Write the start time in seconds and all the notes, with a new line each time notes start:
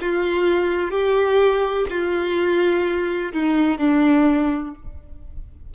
0.00 F4
0.90 G4
1.89 F4
3.32 D#4
3.78 D4